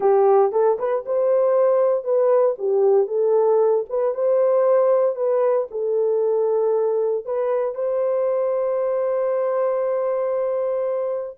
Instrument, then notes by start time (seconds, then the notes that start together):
horn
0.00 G4
0.51 A4
0.79 B4
1.05 C5
2.04 B4
2.58 G4
3.07 A4
3.89 B4
4.14 C5
5.15 B4
5.71 A4
7.25 B4
7.74 C5